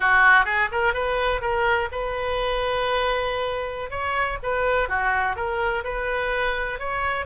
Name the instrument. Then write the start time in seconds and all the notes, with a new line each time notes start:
oboe
0.00 F#4
0.45 G#4
0.71 A#4
0.93 B4
1.41 A#4
1.91 B4
3.90 C#5
4.42 B4
4.89 F#4
5.36 A#4
5.83 B4
6.79 C#5